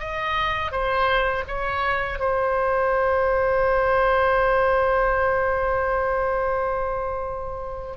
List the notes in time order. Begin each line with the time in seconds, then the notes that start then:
0.00 D#5
0.72 C5
1.48 C#5
2.20 C5